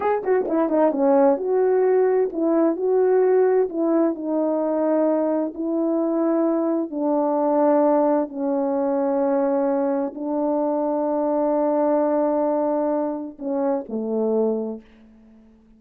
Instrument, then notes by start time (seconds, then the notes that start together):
horn
0.00 G#4
0.23 F#4
0.48 E4
0.69 D#4
0.91 C#4
1.37 F#4
2.32 E4
2.76 F#4
3.69 E4
4.14 D#4
5.54 E4
6.90 D4
8.28 C#4
10.14 D4
13.38 C#4
13.88 A3